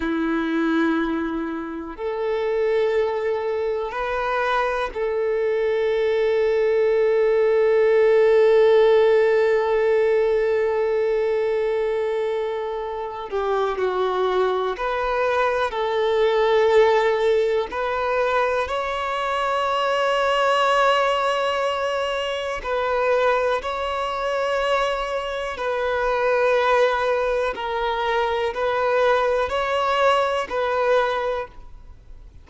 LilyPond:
\new Staff \with { instrumentName = "violin" } { \time 4/4 \tempo 4 = 61 e'2 a'2 | b'4 a'2.~ | a'1~ | a'4. g'8 fis'4 b'4 |
a'2 b'4 cis''4~ | cis''2. b'4 | cis''2 b'2 | ais'4 b'4 cis''4 b'4 | }